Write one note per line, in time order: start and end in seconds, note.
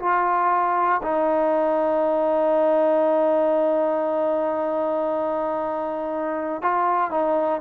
0.00 1.02 F4
1.03 6.62 D#4
6.62 7.11 F4
7.11 7.61 D#4